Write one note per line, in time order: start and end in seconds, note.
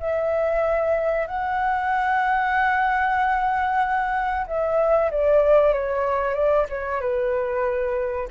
0.00 1.27 E5
1.27 4.46 F#5
4.47 5.11 E5
5.11 5.74 D5
5.74 6.35 C#5
6.35 6.66 D5
6.70 7.01 C#5
7.01 8.29 B4